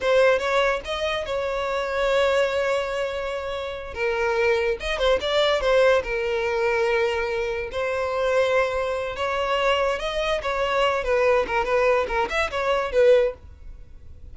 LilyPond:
\new Staff \with { instrumentName = "violin" } { \time 4/4 \tempo 4 = 144 c''4 cis''4 dis''4 cis''4~ | cis''1~ | cis''4. ais'2 dis''8 | c''8 d''4 c''4 ais'4.~ |
ais'2~ ais'8 c''4.~ | c''2 cis''2 | dis''4 cis''4. b'4 ais'8 | b'4 ais'8 e''8 cis''4 b'4 | }